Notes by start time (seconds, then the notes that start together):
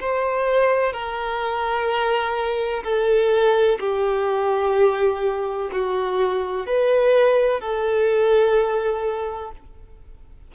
0.00 C5
0.93 A#4
2.83 A4
3.79 G4
5.72 F#4
6.66 B4
7.60 A4